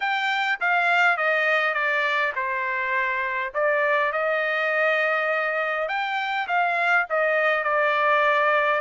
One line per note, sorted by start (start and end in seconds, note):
0.00 0.59 G5
0.60 1.17 F5
1.17 1.74 D#5
1.74 2.33 D5
2.35 3.53 C5
3.53 4.12 D5
4.12 5.88 D#5
5.88 6.47 G5
6.47 7.06 F5
7.09 7.63 D#5
7.63 8.80 D5